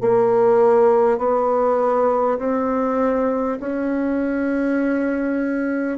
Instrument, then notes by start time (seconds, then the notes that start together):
bassoon
0.00 A#3
1.17 B3
2.38 C4
3.60 C#4